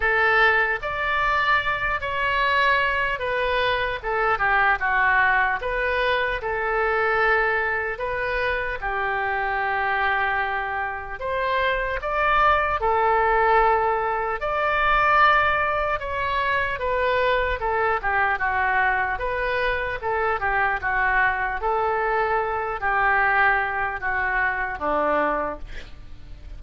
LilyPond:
\new Staff \with { instrumentName = "oboe" } { \time 4/4 \tempo 4 = 75 a'4 d''4. cis''4. | b'4 a'8 g'8 fis'4 b'4 | a'2 b'4 g'4~ | g'2 c''4 d''4 |
a'2 d''2 | cis''4 b'4 a'8 g'8 fis'4 | b'4 a'8 g'8 fis'4 a'4~ | a'8 g'4. fis'4 d'4 | }